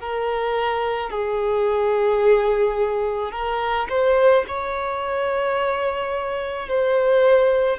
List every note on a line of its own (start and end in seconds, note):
0.00 1.10 A#4
1.10 3.31 G#4
3.31 3.87 A#4
3.89 4.44 C5
4.47 6.68 C#5
6.68 7.78 C5